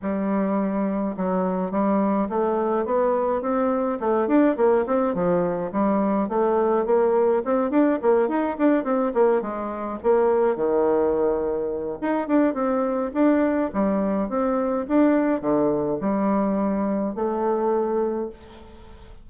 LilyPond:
\new Staff \with { instrumentName = "bassoon" } { \time 4/4 \tempo 4 = 105 g2 fis4 g4 | a4 b4 c'4 a8 d'8 | ais8 c'8 f4 g4 a4 | ais4 c'8 d'8 ais8 dis'8 d'8 c'8 |
ais8 gis4 ais4 dis4.~ | dis4 dis'8 d'8 c'4 d'4 | g4 c'4 d'4 d4 | g2 a2 | }